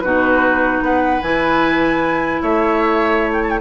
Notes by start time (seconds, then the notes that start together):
0.00 B2 D#4 F#4 B4
0.81 B3 B4 F#5
1.22 E3 E4 G#5
2.42 A3 C#5 E5
3.33 G5
3.44 A5
3.50 G5